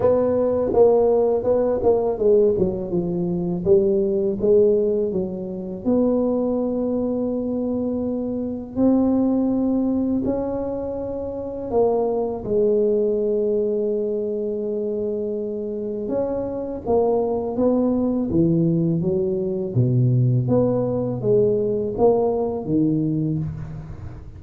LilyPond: \new Staff \with { instrumentName = "tuba" } { \time 4/4 \tempo 4 = 82 b4 ais4 b8 ais8 gis8 fis8 | f4 g4 gis4 fis4 | b1 | c'2 cis'2 |
ais4 gis2.~ | gis2 cis'4 ais4 | b4 e4 fis4 b,4 | b4 gis4 ais4 dis4 | }